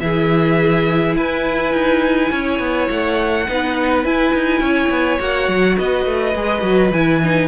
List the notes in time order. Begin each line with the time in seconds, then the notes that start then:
0.00 E3 E4 G#4 E5
1.15 E4 B4 G#5
1.73 D#4
2.31 C#4 C#5
2.59 B3
2.90 A3 F#5
3.47 B3 D#4 B4
4.04 E4 G#5
4.34 D#4
4.60 C#4 C#5
4.89 B3
5.19 A#3 F#4 F#5
5.48 F#3
5.78 B3 B4 D#5
6.05 A3
6.35 G#3 G#4
6.61 F#3 F#4
6.91 E3 E4 G#5
7.22 D#4